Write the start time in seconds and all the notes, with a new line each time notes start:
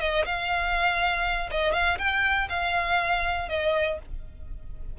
0.00 D#5
0.25 F5
1.51 D#5
1.73 F5
1.98 G5
2.49 F5
3.49 D#5